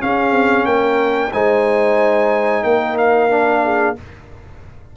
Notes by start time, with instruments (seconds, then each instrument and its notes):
0.00 trombone C#4, tuba C#4, horn G#4, trumpet F5
0.32 tuba C4
0.65 tuba A#3, horn A#4, trumpet G5
1.33 tuba G#3, trombone D#4, horn C5, trumpet G#5
2.64 tuba A#3, horn A#4, trumpet G5
2.98 trumpet F5
3.30 trombone D4
3.64 horn G#4